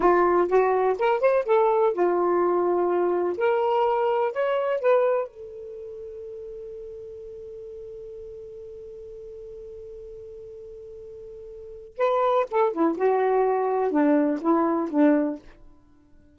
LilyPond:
\new Staff \with { instrumentName = "saxophone" } { \time 4/4 \tempo 4 = 125 f'4 fis'4 ais'8 c''8 a'4 | f'2. ais'4~ | ais'4 cis''4 b'4 a'4~ | a'1~ |
a'1~ | a'1~ | a'4 b'4 a'8 e'8 fis'4~ | fis'4 d'4 e'4 d'4 | }